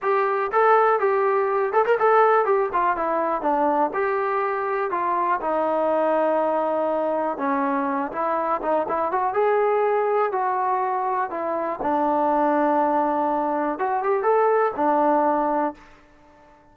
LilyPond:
\new Staff \with { instrumentName = "trombone" } { \time 4/4 \tempo 4 = 122 g'4 a'4 g'4. a'16 ais'16 | a'4 g'8 f'8 e'4 d'4 | g'2 f'4 dis'4~ | dis'2. cis'4~ |
cis'8 e'4 dis'8 e'8 fis'8 gis'4~ | gis'4 fis'2 e'4 | d'1 | fis'8 g'8 a'4 d'2 | }